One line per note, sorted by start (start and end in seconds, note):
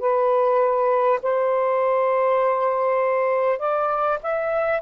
0.00 1.20 B4
1.23 3.59 C5
3.59 4.19 D5
4.23 4.82 E5